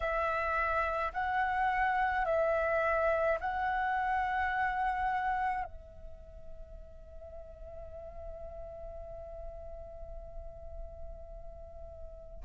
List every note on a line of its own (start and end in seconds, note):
0.00 1.12 E5
1.13 2.25 F#5
2.25 3.38 E5
3.40 5.64 F#5
5.64 12.43 E5